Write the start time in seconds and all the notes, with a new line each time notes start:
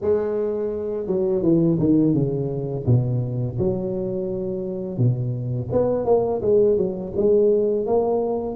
0.01 G#3
1.06 F#3
1.42 E3
1.79 D#3
2.14 C#3
2.85 B2
3.58 F#3
4.97 B2
5.71 B3
6.05 A#3
6.41 G#3
6.77 F#3
7.16 G#3
7.86 A#3